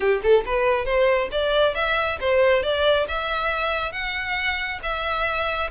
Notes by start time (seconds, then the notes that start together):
0.00 G4
0.22 A4
0.45 B4
0.85 C5
1.31 D5
1.74 E5
2.20 C5
2.62 D5
3.08 E5
3.92 F#5
4.83 E5